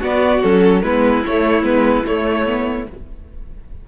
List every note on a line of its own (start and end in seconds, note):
0.00 0.43 B3
0.00 0.82 F#4
0.00 0.43 D5
0.43 0.83 F#3
0.43 0.84 C#4
0.43 0.83 A4
0.83 1.23 G#3
0.83 1.25 B3
0.83 2.87 E4
0.83 1.23 B4
1.25 1.63 A3
1.25 1.64 C#5
1.63 2.04 G#3
1.63 2.04 B3
1.63 2.05 B4
2.05 2.87 A3
2.05 2.46 A3
2.05 2.88 C#5
2.46 2.87 B3